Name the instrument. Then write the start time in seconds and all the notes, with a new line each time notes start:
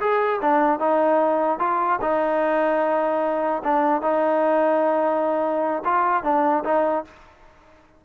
trombone
0.00 G#4
0.42 D4
0.79 D#4
1.59 F4
2.02 D#4
3.64 D4
4.02 D#4
5.85 F4
6.23 D4
6.64 D#4